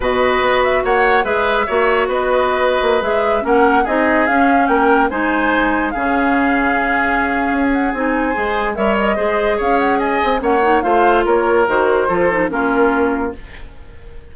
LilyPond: <<
  \new Staff \with { instrumentName = "flute" } { \time 4/4 \tempo 4 = 144 dis''4. e''8 fis''4 e''4~ | e''4 dis''2~ dis''16 e''8.~ | e''16 fis''4 dis''4 f''4 g''8.~ | g''16 gis''2 f''4.~ f''16~ |
f''2~ f''8 fis''8 gis''4~ | gis''4 e''8 dis''4. f''8 fis''8 | gis''4 fis''4 f''4 cis''4 | c''2 ais'2 | }
  \new Staff \with { instrumentName = "oboe" } { \time 4/4 b'2 cis''4 b'4 | cis''4 b'2.~ | b'16 ais'4 gis'2 ais'8.~ | ais'16 c''2 gis'4.~ gis'16~ |
gis'1 | c''4 cis''4 c''4 cis''4 | dis''4 cis''4 c''4 ais'4~ | ais'4 a'4 f'2 | }
  \new Staff \with { instrumentName = "clarinet" } { \time 4/4 fis'2. gis'4 | fis'2.~ fis'16 gis'8.~ | gis'16 cis'4 dis'4 cis'4.~ cis'16~ | cis'16 dis'2 cis'4.~ cis'16~ |
cis'2. dis'4 | gis'4 ais'4 gis'2~ | gis'4 cis'8 dis'8 f'2 | fis'4 f'8 dis'8 cis'2 | }
  \new Staff \with { instrumentName = "bassoon" } { \time 4/4 b,4 b4 ais4 gis4 | ais4 b4.~ b16 ais8 gis8.~ | gis16 ais4 c'4 cis'4 ais8.~ | ais16 gis2 cis4.~ cis16~ |
cis2 cis'4 c'4 | gis4 g4 gis4 cis'4~ | cis'8 c'8 ais4 a4 ais4 | dis4 f4 ais2 | }
>>